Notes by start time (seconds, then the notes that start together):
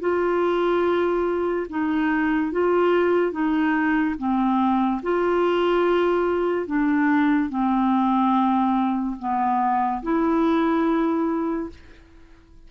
0.00 F4
1.69 D#4
2.52 F4
3.32 D#4
4.18 C4
5.03 F4
6.67 D4
7.49 C4
9.19 B3
10.03 E4